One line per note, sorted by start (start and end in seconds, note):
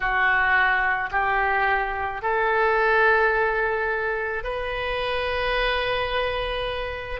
0.00 1.10 F#4
1.11 2.22 G4
2.22 4.43 A4
4.43 7.20 B4